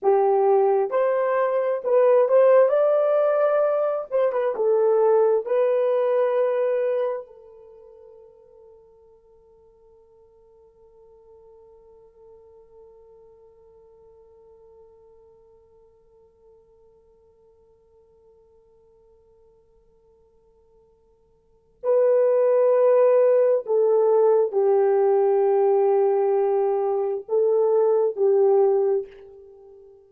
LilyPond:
\new Staff \with { instrumentName = "horn" } { \time 4/4 \tempo 4 = 66 g'4 c''4 b'8 c''8 d''4~ | d''8 c''16 b'16 a'4 b'2 | a'1~ | a'1~ |
a'1~ | a'1 | b'2 a'4 g'4~ | g'2 a'4 g'4 | }